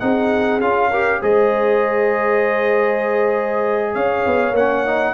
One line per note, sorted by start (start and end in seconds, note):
0.00 0.60 C4
0.00 0.61 D#4
0.00 0.90 G#4
0.00 0.61 F#5
0.60 1.21 C#4
0.60 0.92 F4
0.60 1.22 F5
0.90 1.22 G4
0.90 1.21 A#4
1.22 3.96 G#3
1.22 4.55 G#4
1.22 3.94 C5
1.22 3.95 D#5
3.94 4.26 C#4
3.94 5.15 C#5
3.94 4.56 F5
4.27 4.52 B3
4.52 5.12 A#3
4.52 5.15 F#5
4.58 4.87 C#4
4.87 5.15 D#4